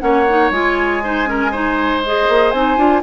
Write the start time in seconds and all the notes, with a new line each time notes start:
0.00 A#3 C#4 C#5 F#5
0.29 D#4
0.51 G#3 F4 G#5
1.04 D#4 C5
1.26 C#4 A#4
1.52 D#4 C5
2.06 G#4 D#5
2.29 A#3
2.51 C4 D#4 G#5
2.77 D4 F4